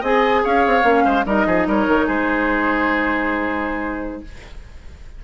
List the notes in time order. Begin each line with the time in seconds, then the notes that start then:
0.00 C4 G#4 D#5 G#5
0.43 C#4 C#5 F5
0.66 C4
0.82 A#3 C#4
1.04 G#3 C5
1.25 G3 D#4 A#4 D#5
1.46 F3 G#4
1.66 G3 A#4 C#5
1.88 D#3
2.06 G#3 G#4 C5